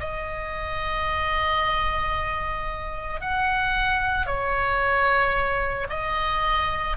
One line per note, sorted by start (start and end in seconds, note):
0.00 3.21 D#5
3.21 4.27 F#5
4.27 5.87 C#5
5.89 6.96 D#5